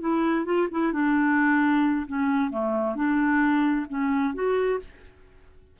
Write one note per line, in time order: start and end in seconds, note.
0.00 0.45 E4
0.45 0.67 F4
0.71 0.92 E4
0.92 2.06 D4
2.07 2.50 C#4
2.50 2.95 A3
2.95 3.86 D4
3.89 4.34 C#4
4.34 4.79 F#4